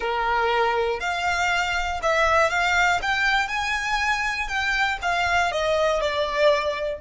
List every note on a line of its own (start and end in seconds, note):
0.00 1.00 A#4
1.00 2.00 F5
2.02 2.50 E5
2.50 3.00 F5
3.01 3.47 G5
3.47 4.47 G#5
4.48 4.98 G5
5.02 5.51 F5
5.51 6.00 D#5
6.00 7.00 D5